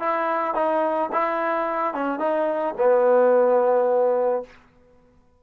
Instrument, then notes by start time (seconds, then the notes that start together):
trombone
0.00 E4
0.55 D#4
1.13 E4
1.94 C#4
2.19 D#4
2.78 B3